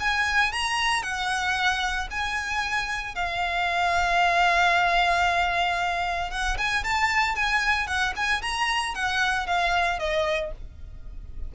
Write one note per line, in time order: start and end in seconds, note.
0.00 0.53 G#5
0.53 1.03 A#5
1.03 2.08 F#5
2.11 3.15 G#5
3.15 6.31 F5
6.31 6.57 F#5
6.58 6.84 G#5
6.84 7.36 A5
7.36 7.87 G#5
7.87 8.14 F#5
8.17 8.42 G#5
8.42 8.95 A#5
8.95 9.47 F#5
9.47 9.99 F5
9.99 10.52 D#5